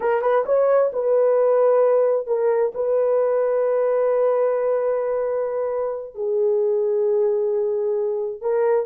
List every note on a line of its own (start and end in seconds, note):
0.00 0.21 A#4
0.21 0.44 B4
0.45 0.91 C#5
0.92 2.26 B4
2.26 2.72 A#4
2.74 6.15 B4
6.15 8.41 G#4
8.41 8.86 A#4